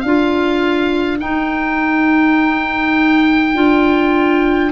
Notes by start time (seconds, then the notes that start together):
0.00 D4 F4 A#4 F5
1.19 D#4 G5
3.54 D4 F4